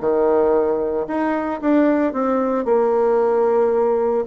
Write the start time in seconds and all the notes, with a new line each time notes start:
0.00 D#3
1.07 D#4
1.61 D4
2.13 C4
2.65 A#3